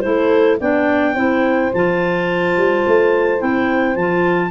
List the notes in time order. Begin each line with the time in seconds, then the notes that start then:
0.00 A3 E4 A4 C5
0.60 B3 D4 D5 G5
1.14 C4 E4 C5
1.73 F3 F4 A5
2.57 G3
2.86 A3
3.39 C4 E4 G5
3.95 F3 F4 A5